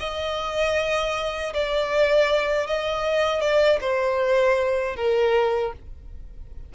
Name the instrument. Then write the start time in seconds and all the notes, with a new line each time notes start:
violin
0.00 D#5
1.54 D5
2.67 D#5
3.41 D5
3.81 C5
4.97 A#4